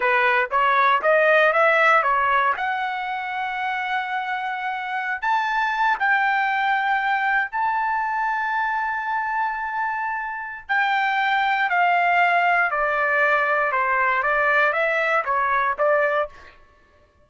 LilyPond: \new Staff \with { instrumentName = "trumpet" } { \time 4/4 \tempo 4 = 118 b'4 cis''4 dis''4 e''4 | cis''4 fis''2.~ | fis''2~ fis''16 a''4. g''16~ | g''2~ g''8. a''4~ a''16~ |
a''1~ | a''4 g''2 f''4~ | f''4 d''2 c''4 | d''4 e''4 cis''4 d''4 | }